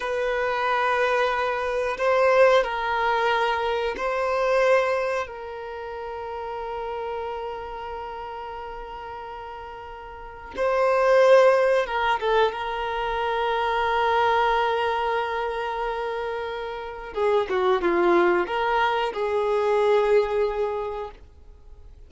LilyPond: \new Staff \with { instrumentName = "violin" } { \time 4/4 \tempo 4 = 91 b'2. c''4 | ais'2 c''2 | ais'1~ | ais'1 |
c''2 ais'8 a'8 ais'4~ | ais'1~ | ais'2 gis'8 fis'8 f'4 | ais'4 gis'2. | }